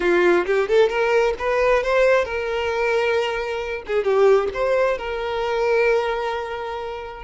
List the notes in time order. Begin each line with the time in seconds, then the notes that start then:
0.00 F4
0.46 G4
0.68 A4
0.89 A#4
1.38 B4
1.83 C5
2.24 A#4
3.86 G#4
4.04 G4
4.53 C5
4.98 A#4